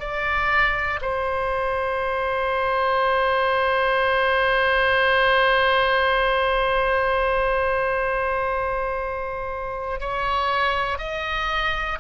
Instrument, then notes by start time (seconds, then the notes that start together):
oboe
0.00 D5
1.01 C5
10.00 C#5
10.98 D#5